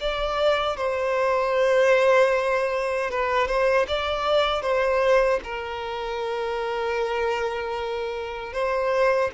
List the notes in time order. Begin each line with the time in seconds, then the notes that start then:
0.00 D5
0.77 C5
3.10 B4
3.47 C5
3.87 D5
4.62 C5
5.44 A#4
8.53 C5